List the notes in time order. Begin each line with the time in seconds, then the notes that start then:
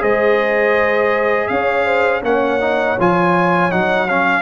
0.00 G#3 G#4 C5 D#5
1.48 C#4 C#5 F5
1.86 C5
2.23 A#3 C#4 C#5 F#5
2.60 D#4
3.00 F3 F4 G#5
3.71 F#3 D#4 F#5
4.09 C#4 F5